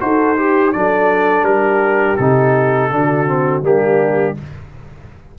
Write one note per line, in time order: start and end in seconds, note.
0.00 0.74 D#4
0.00 0.36 F#4
0.00 0.40 A4
0.00 0.72 C5
0.36 0.73 G4
0.36 0.76 G4
0.72 1.42 F#3
0.72 2.18 D4
0.72 1.48 A4
0.72 1.44 D5
1.42 2.14 G3
1.42 2.93 G4
1.42 2.16 A#4
2.16 2.91 C3
2.16 2.91 D#4
2.16 3.61 A4
2.91 3.62 D3
2.91 3.26 D4
2.91 3.66 F#4
3.26 3.62 C4
3.62 4.34 G3
3.62 4.35 A#3
3.62 4.38 D4
3.62 4.37 G4